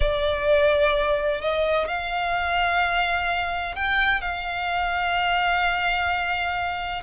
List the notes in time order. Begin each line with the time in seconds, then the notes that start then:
0.00 D5
1.41 D#5
1.87 F5
3.75 G5
4.21 F5